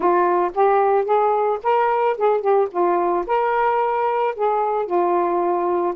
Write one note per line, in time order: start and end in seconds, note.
0.00 0.51 F4
0.54 1.04 G4
1.04 1.58 G#4
1.63 2.17 A#4
2.17 2.41 G#4
2.41 2.68 G4
2.71 3.25 F4
3.27 4.35 A#4
4.35 4.86 G#4
4.86 5.94 F4